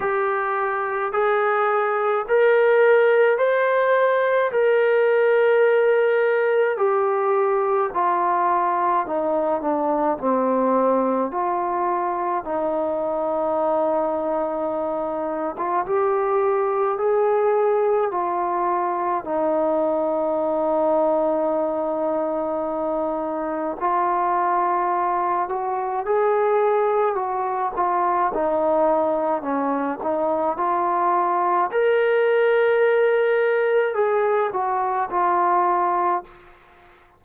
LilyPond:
\new Staff \with { instrumentName = "trombone" } { \time 4/4 \tempo 4 = 53 g'4 gis'4 ais'4 c''4 | ais'2 g'4 f'4 | dis'8 d'8 c'4 f'4 dis'4~ | dis'4.~ dis'16 f'16 g'4 gis'4 |
f'4 dis'2.~ | dis'4 f'4. fis'8 gis'4 | fis'8 f'8 dis'4 cis'8 dis'8 f'4 | ais'2 gis'8 fis'8 f'4 | }